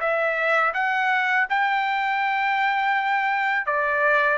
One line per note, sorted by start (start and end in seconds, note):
0.00 0.73 E5
0.74 1.47 F#5
1.49 3.66 G5
3.66 4.38 D5